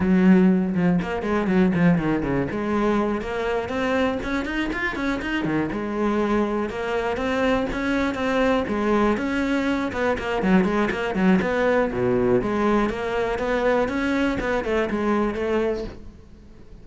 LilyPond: \new Staff \with { instrumentName = "cello" } { \time 4/4 \tempo 4 = 121 fis4. f8 ais8 gis8 fis8 f8 | dis8 cis8 gis4. ais4 c'8~ | c'8 cis'8 dis'8 f'8 cis'8 dis'8 dis8 gis8~ | gis4. ais4 c'4 cis'8~ |
cis'8 c'4 gis4 cis'4. | b8 ais8 fis8 gis8 ais8 fis8 b4 | b,4 gis4 ais4 b4 | cis'4 b8 a8 gis4 a4 | }